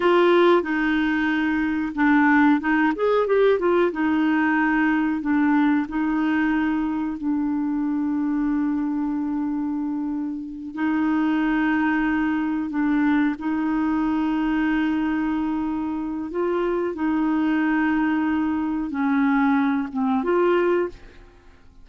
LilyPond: \new Staff \with { instrumentName = "clarinet" } { \time 4/4 \tempo 4 = 92 f'4 dis'2 d'4 | dis'8 gis'8 g'8 f'8 dis'2 | d'4 dis'2 d'4~ | d'1~ |
d'8 dis'2. d'8~ | d'8 dis'2.~ dis'8~ | dis'4 f'4 dis'2~ | dis'4 cis'4. c'8 f'4 | }